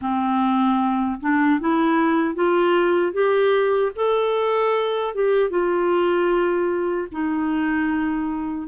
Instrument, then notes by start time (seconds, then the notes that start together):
clarinet
0.01 C4
1.20 D4
1.60 E4
2.34 F4
3.13 G4
3.95 A4
5.14 G4
5.50 F4
7.11 D#4